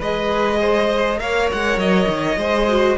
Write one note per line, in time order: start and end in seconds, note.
0.00 1.20 G#3
0.00 1.16 G#4
0.00 0.59 B4
0.00 1.20 D#5
0.61 1.20 C5
1.16 1.50 A#3
1.16 2.35 A#4
1.16 2.40 C#5
1.16 1.50 F5
1.52 1.78 G#3
1.52 1.79 F#5
1.78 2.07 F#3
1.78 2.98 D#5
2.09 2.37 D#3
2.37 2.97 G#3
2.37 2.69 G#4
2.37 2.98 C5
2.69 2.98 F#4